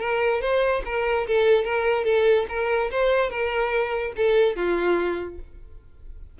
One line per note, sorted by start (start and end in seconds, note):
0.00 0.41 A#4
0.42 0.83 C5
0.86 1.27 A#4
1.28 1.65 A4
1.65 2.05 A#4
2.05 2.46 A4
2.49 2.91 A#4
2.91 3.30 C5
3.30 4.13 A#4
4.17 4.56 A4
4.56 5.39 F4